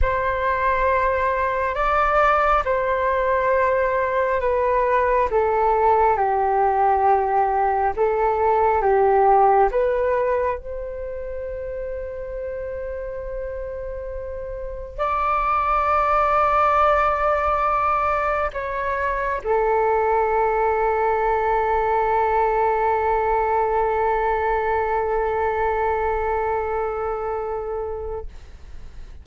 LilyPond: \new Staff \with { instrumentName = "flute" } { \time 4/4 \tempo 4 = 68 c''2 d''4 c''4~ | c''4 b'4 a'4 g'4~ | g'4 a'4 g'4 b'4 | c''1~ |
c''4 d''2.~ | d''4 cis''4 a'2~ | a'1~ | a'1 | }